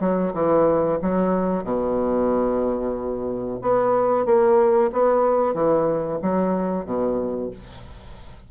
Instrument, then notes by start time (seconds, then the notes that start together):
bassoon
0.00 F#3
0.33 E3
1.02 F#3
1.64 B2
3.61 B3
4.25 A#3
4.92 B3
5.54 E3
6.22 F#3
6.85 B2